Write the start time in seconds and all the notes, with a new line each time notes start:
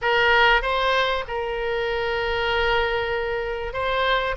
0.01 A#4
0.61 C5
1.27 A#4
3.73 C5